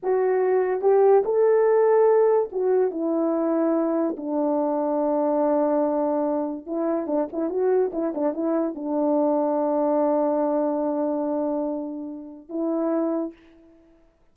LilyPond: \new Staff \with { instrumentName = "horn" } { \time 4/4 \tempo 4 = 144 fis'2 g'4 a'4~ | a'2 fis'4 e'4~ | e'2 d'2~ | d'1 |
e'4 d'8 e'8 fis'4 e'8 d'8 | e'4 d'2.~ | d'1~ | d'2 e'2 | }